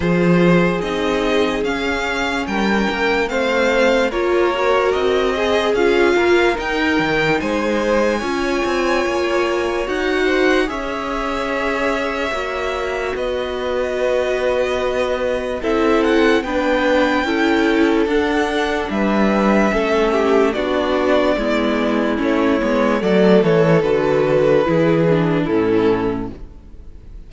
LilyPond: <<
  \new Staff \with { instrumentName = "violin" } { \time 4/4 \tempo 4 = 73 c''4 dis''4 f''4 g''4 | f''4 cis''4 dis''4 f''4 | g''4 gis''2. | fis''4 e''2. |
dis''2. e''8 fis''8 | g''2 fis''4 e''4~ | e''4 d''2 cis''4 | d''8 cis''8 b'2 a'4 | }
  \new Staff \with { instrumentName = "violin" } { \time 4/4 gis'2. ais'4 | c''4 ais'4. gis'4 ais'8~ | ais'4 c''4 cis''2~ | cis''8 c''8 cis''2. |
b'2. a'4 | b'4 a'2 b'4 | a'8 g'8 fis'4 e'2 | a'2 gis'4 e'4 | }
  \new Staff \with { instrumentName = "viola" } { \time 4/4 f'4 dis'4 cis'2 | c'4 f'8 fis'4 gis'8 f'4 | dis'2 f'2 | fis'4 gis'2 fis'4~ |
fis'2. e'4 | d'4 e'4 d'2 | cis'4 d'4 b4 cis'8 b8 | a4 fis'4 e'8 d'8 cis'4 | }
  \new Staff \with { instrumentName = "cello" } { \time 4/4 f4 c'4 cis'4 g8 ais8 | a4 ais4 c'4 cis'8 ais8 | dis'8 dis8 gis4 cis'8 c'8 ais4 | dis'4 cis'2 ais4 |
b2. c'4 | b4 cis'4 d'4 g4 | a4 b4 gis4 a8 gis8 | fis8 e8 d4 e4 a,4 | }
>>